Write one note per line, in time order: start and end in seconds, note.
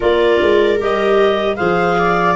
0.00 0.40 A#3
0.00 0.78 F4
0.00 1.56 A#4
0.00 0.80 D5
0.41 0.80 G#3
0.78 1.59 G3
0.78 1.56 G4
0.78 1.56 D#5
1.56 2.36 F3
1.56 2.35 G#4
1.56 1.96 C5
1.56 2.35 F5
1.98 2.36 D5